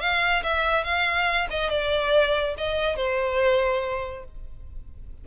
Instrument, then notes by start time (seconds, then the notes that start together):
violin
0.00 F5
0.43 E5
0.83 F5
1.50 D#5
1.70 D5
2.57 D#5
2.96 C5